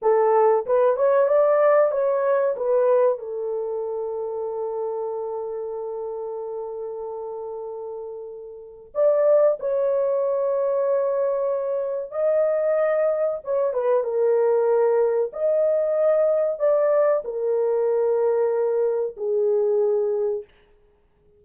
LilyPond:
\new Staff \with { instrumentName = "horn" } { \time 4/4 \tempo 4 = 94 a'4 b'8 cis''8 d''4 cis''4 | b'4 a'2.~ | a'1~ | a'2 d''4 cis''4~ |
cis''2. dis''4~ | dis''4 cis''8 b'8 ais'2 | dis''2 d''4 ais'4~ | ais'2 gis'2 | }